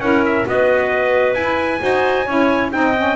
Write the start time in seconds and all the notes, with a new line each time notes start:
0.00 C#4 E4 A#4 F#5
0.25 E5
0.46 B3 F#4 B4 D#5
1.34 E4 G#5
1.80 D#4 F#4 C5
2.25 C#4 E4 C#5
2.72 C4 D#4 D#5 G5
2.96 C#4